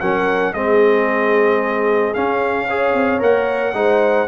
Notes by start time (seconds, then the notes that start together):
0.00 F#3 C#4 A#4 F#5
0.53 G#3 C4 G#4 D#5
2.14 C#4 F5
2.67 G#4 C#5
2.94 C4
3.19 A#3 A#4 F#5
3.73 G#3 D#4 C5